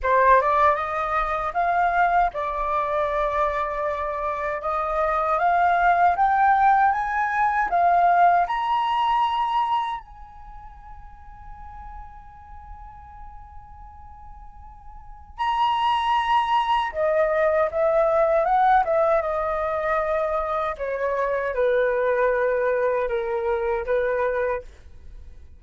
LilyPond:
\new Staff \with { instrumentName = "flute" } { \time 4/4 \tempo 4 = 78 c''8 d''8 dis''4 f''4 d''4~ | d''2 dis''4 f''4 | g''4 gis''4 f''4 ais''4~ | ais''4 gis''2.~ |
gis''1 | ais''2 dis''4 e''4 | fis''8 e''8 dis''2 cis''4 | b'2 ais'4 b'4 | }